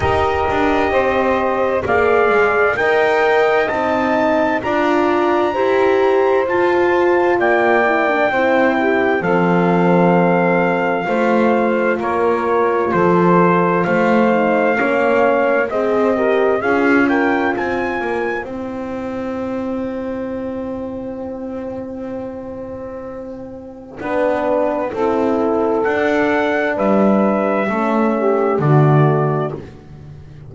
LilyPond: <<
  \new Staff \with { instrumentName = "trumpet" } { \time 4/4 \tempo 4 = 65 dis''2 f''4 g''4 | a''4 ais''2 a''4 | g''2 f''2~ | f''4 cis''4 c''4 f''4~ |
f''4 dis''4 f''8 g''8 gis''4 | g''1~ | g''1 | fis''4 e''2 d''4 | }
  \new Staff \with { instrumentName = "saxophone" } { \time 4/4 ais'4 c''4 d''4 dis''4~ | dis''4 d''4 c''2 | d''4 c''8 g'8 a'2 | c''4 ais'4 a'4 c''4 |
cis''4 c''8 ais'8 gis'8 ais'8 c''4~ | c''1~ | c''2 b'4 a'4~ | a'4 b'4 a'8 g'8 fis'4 | }
  \new Staff \with { instrumentName = "horn" } { \time 4/4 g'2 gis'4 ais'4 | dis'4 f'4 g'4 f'4~ | f'8 e'16 d'16 e'4 c'2 | f'2.~ f'8 dis'8 |
cis'4 gis'8 g'8 f'2 | e'1~ | e'2 d'4 e'4 | d'2 cis'4 a4 | }
  \new Staff \with { instrumentName = "double bass" } { \time 4/4 dis'8 d'8 c'4 ais8 gis8 dis'4 | c'4 d'4 e'4 f'4 | ais4 c'4 f2 | a4 ais4 f4 a4 |
ais4 c'4 cis'4 c'8 ais8 | c'1~ | c'2 b4 c'4 | d'4 g4 a4 d4 | }
>>